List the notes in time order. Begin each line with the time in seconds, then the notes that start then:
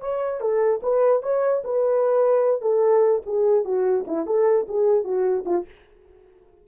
0.00 C#5
0.40 A4
0.82 B4
1.23 C#5
1.64 B4
2.61 A4
3.25 G#4
3.64 F#4
4.07 E4
4.26 A4
4.68 G#4
5.04 F#4
5.45 F4